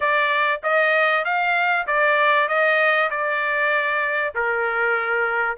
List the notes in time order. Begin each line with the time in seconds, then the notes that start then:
0.00 D5
0.63 D#5
1.24 F5
1.86 D5
2.48 D#5
3.10 D5
4.34 A#4